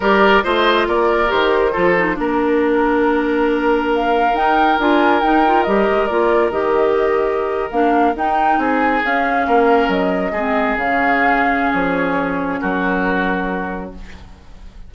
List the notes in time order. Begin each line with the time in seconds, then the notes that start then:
0.00 G3 G4 A#4 D5
0.43 A3 F4 C5 D#5
0.87 A#3 A#4 D5
1.27 D#3 G4 C5
1.72 F3 F4 A4
1.97 D#4
2.14 A#3 D4 A#4
3.94 F5
4.33 D#4 G5
4.78 D4 F4 G#5
5.20 D#4 G5
5.46 F4
5.63 G3 G4 D#5
5.89 G#3
6.07 A#3 F4 D5
6.50 D#3 G4 D#5
7.70 A#3 D4 F5
8.15 D#4 G5
8.57 C4 G#4 G#5
9.04 C#4 F5
9.47 A#3 A#4
9.88 F#3 D#5
10.31 G#3 C4 G#4
10.76 C#3 C#4 F5
11.73 F3 C#5
12.60 F#3 F#4 A#4